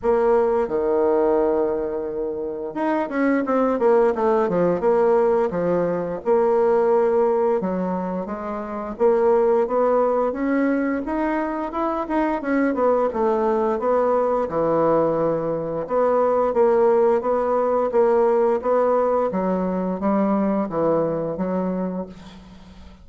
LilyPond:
\new Staff \with { instrumentName = "bassoon" } { \time 4/4 \tempo 4 = 87 ais4 dis2. | dis'8 cis'8 c'8 ais8 a8 f8 ais4 | f4 ais2 fis4 | gis4 ais4 b4 cis'4 |
dis'4 e'8 dis'8 cis'8 b8 a4 | b4 e2 b4 | ais4 b4 ais4 b4 | fis4 g4 e4 fis4 | }